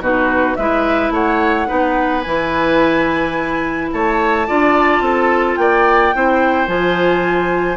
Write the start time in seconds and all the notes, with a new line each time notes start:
0.00 B2 D#4 F#4 B4
0.56 G#3 E4 B4 E5
1.10 A3 C#5 F#5
1.67 B3 D#4 B4
2.22 E3 E4 G#5
3.92 A3 C#5 A5
4.47 D4 F4 D5
5.00 C4 A4
5.56 A#3 D5 G5
6.14 C4 E4 C5
6.67 F3 F4 G#5